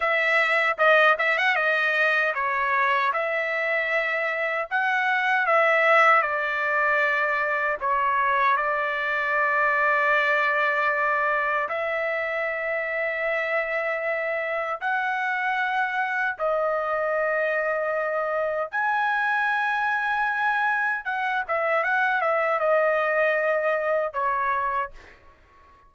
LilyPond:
\new Staff \with { instrumentName = "trumpet" } { \time 4/4 \tempo 4 = 77 e''4 dis''8 e''16 fis''16 dis''4 cis''4 | e''2 fis''4 e''4 | d''2 cis''4 d''4~ | d''2. e''4~ |
e''2. fis''4~ | fis''4 dis''2. | gis''2. fis''8 e''8 | fis''8 e''8 dis''2 cis''4 | }